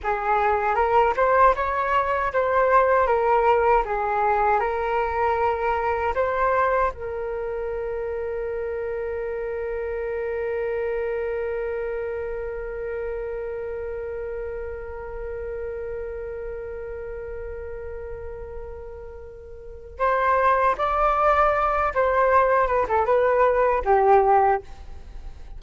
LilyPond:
\new Staff \with { instrumentName = "flute" } { \time 4/4 \tempo 4 = 78 gis'4 ais'8 c''8 cis''4 c''4 | ais'4 gis'4 ais'2 | c''4 ais'2.~ | ais'1~ |
ais'1~ | ais'1~ | ais'2 c''4 d''4~ | d''8 c''4 b'16 a'16 b'4 g'4 | }